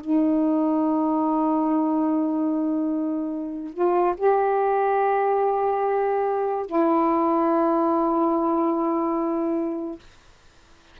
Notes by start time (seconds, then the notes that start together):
0.00 D#4
3.73 F4
4.17 G4
6.66 E4